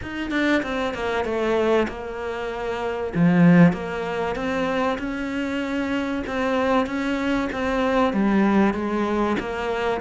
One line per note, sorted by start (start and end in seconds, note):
0.02 0.31 D#4
0.31 0.62 D4
0.62 0.93 C4
0.94 1.24 A#3
1.24 1.87 A3
1.88 3.12 A#3
3.14 3.72 F3
3.72 4.35 A#3
4.35 4.98 C4
4.98 6.23 C#4
6.26 6.86 C4
6.86 7.48 C#4
7.52 8.13 C4
8.13 8.73 G3
8.73 9.36 G#3
9.39 10.00 A#3